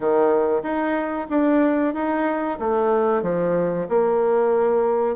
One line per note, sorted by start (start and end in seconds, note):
0.00 0.62 D#3
0.62 1.27 D#4
1.29 1.94 D4
1.94 2.58 D#4
2.59 3.22 A3
3.22 3.87 F3
3.88 5.16 A#3